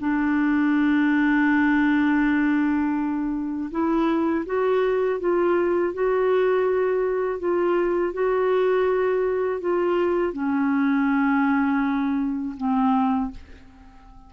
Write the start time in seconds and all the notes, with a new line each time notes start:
0.00 D4
3.71 E4
4.45 F#4
5.20 F4
5.94 F#4
7.39 F4
8.13 F#4
9.61 F4
10.33 C#4
12.57 C4